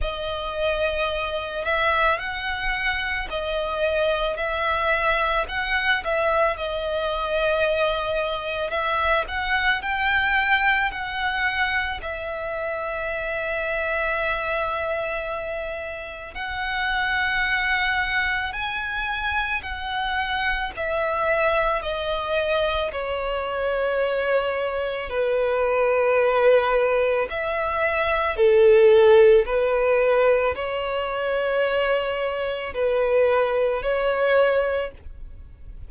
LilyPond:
\new Staff \with { instrumentName = "violin" } { \time 4/4 \tempo 4 = 55 dis''4. e''8 fis''4 dis''4 | e''4 fis''8 e''8 dis''2 | e''8 fis''8 g''4 fis''4 e''4~ | e''2. fis''4~ |
fis''4 gis''4 fis''4 e''4 | dis''4 cis''2 b'4~ | b'4 e''4 a'4 b'4 | cis''2 b'4 cis''4 | }